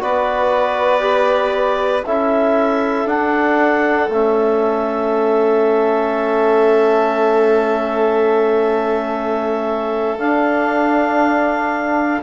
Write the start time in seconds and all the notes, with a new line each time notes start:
0.00 B3 F#4 B4 D5
1.00 G4
2.06 C#4 E4 A4 E5
3.06 D4 F#5
4.09 A3 C#4 E5
10.19 D4 F5